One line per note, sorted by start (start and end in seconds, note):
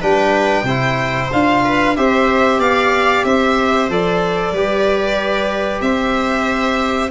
0.00 0.63 G3
0.00 0.65 D4
0.00 0.65 B4
0.00 1.31 G5
0.63 1.27 C3
0.63 1.30 E4
0.63 1.62 C5
1.32 1.97 D4
1.32 1.96 F4
1.32 1.96 F5
1.64 1.96 B4
1.96 2.58 C4
1.96 3.89 G4
1.96 2.59 C5
1.96 2.60 E5
2.58 3.23 B3
2.58 3.24 D5
2.58 3.24 F5
3.24 3.89 C4
3.24 4.53 C5
3.24 3.88 E5
3.89 4.52 F3
3.89 4.54 A4
3.89 5.81 D5
4.52 5.81 G3
4.52 7.10 G4
4.52 5.82 B4
5.81 7.10 C4
5.81 7.10 C5
5.81 7.10 E5